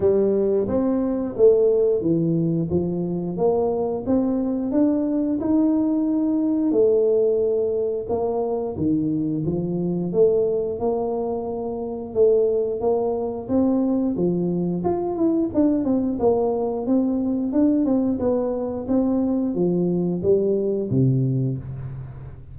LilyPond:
\new Staff \with { instrumentName = "tuba" } { \time 4/4 \tempo 4 = 89 g4 c'4 a4 e4 | f4 ais4 c'4 d'4 | dis'2 a2 | ais4 dis4 f4 a4 |
ais2 a4 ais4 | c'4 f4 f'8 e'8 d'8 c'8 | ais4 c'4 d'8 c'8 b4 | c'4 f4 g4 c4 | }